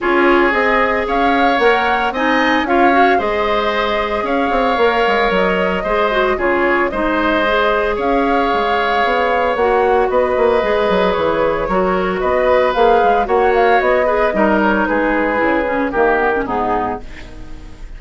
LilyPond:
<<
  \new Staff \with { instrumentName = "flute" } { \time 4/4 \tempo 4 = 113 cis''4 dis''4 f''4 fis''4 | gis''4 f''4 dis''2 | f''2 dis''2 | cis''4 dis''2 f''4~ |
f''2 fis''4 dis''4~ | dis''4 cis''2 dis''4 | f''4 fis''8 f''8 dis''4. cis''8 | b'2 ais'4 gis'4 | }
  \new Staff \with { instrumentName = "oboe" } { \time 4/4 gis'2 cis''2 | dis''4 cis''4 c''2 | cis''2. c''4 | gis'4 c''2 cis''4~ |
cis''2. b'4~ | b'2 ais'4 b'4~ | b'4 cis''4. b'8 ais'4 | gis'2 g'4 dis'4 | }
  \new Staff \with { instrumentName = "clarinet" } { \time 4/4 f'4 gis'2 ais'4 | dis'4 f'8 fis'8 gis'2~ | gis'4 ais'2 gis'8 fis'8 | f'4 dis'4 gis'2~ |
gis'2 fis'2 | gis'2 fis'2 | gis'4 fis'4. gis'8 dis'4~ | dis'4 e'8 cis'8 ais8 b16 cis'16 b4 | }
  \new Staff \with { instrumentName = "bassoon" } { \time 4/4 cis'4 c'4 cis'4 ais4 | c'4 cis'4 gis2 | cis'8 c'8 ais8 gis8 fis4 gis4 | cis4 gis2 cis'4 |
gis4 b4 ais4 b8 ais8 | gis8 fis8 e4 fis4 b4 | ais8 gis8 ais4 b4 g4 | gis4 cis4 dis4 gis,4 | }
>>